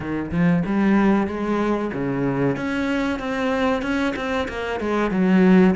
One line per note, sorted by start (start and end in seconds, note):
0.00 0.30 D#3
0.31 0.63 F3
0.66 1.27 G3
1.27 1.91 G#3
1.93 2.56 C#3
2.56 3.19 C#4
3.19 3.82 C4
3.82 4.13 C#4
4.15 4.47 C4
4.48 4.80 A#3
4.80 5.11 G#3
5.11 5.74 F#3